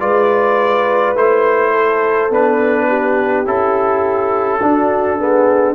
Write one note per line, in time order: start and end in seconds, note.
0.00 1.15 G#3
0.00 1.15 F4
0.00 1.71 B4
0.00 1.15 D5
1.15 2.30 A3
1.15 2.31 E4
1.15 2.32 C5
1.71 2.87 A4
2.30 3.45 B3
2.30 3.45 D4
2.30 3.47 B4
2.88 4.61 G4
3.45 4.61 C#4
3.45 4.60 E4
3.45 5.75 A4
4.62 5.19 D4
4.62 5.75 D4
4.62 5.19 F#4
5.19 5.75 B3
5.19 5.75 G#4